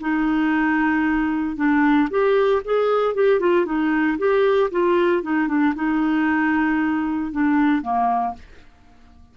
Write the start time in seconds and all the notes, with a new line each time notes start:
0.00 D#4
1.56 D4
2.10 G4
2.64 G#4
3.14 G4
3.39 F4
3.65 D#4
4.18 G4
4.71 F4
5.22 D#4
5.48 D4
5.75 D#4
7.32 D4
7.82 A#3